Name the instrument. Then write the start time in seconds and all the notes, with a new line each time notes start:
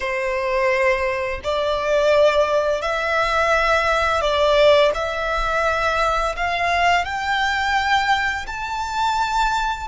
violin
0.00 C5
1.43 D5
2.81 E5
4.21 D5
4.94 E5
6.36 F5
7.04 G5
8.46 A5